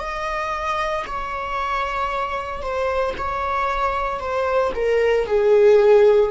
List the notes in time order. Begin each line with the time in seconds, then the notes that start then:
0.00 D#5
1.07 C#5
2.62 C5
3.18 C#5
4.20 C5
4.75 A#4
5.27 G#4